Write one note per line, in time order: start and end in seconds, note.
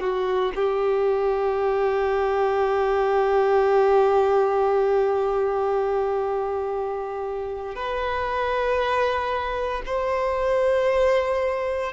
0.00 0.52 F#4
0.55 7.75 G4
7.75 9.82 B4
9.86 11.92 C5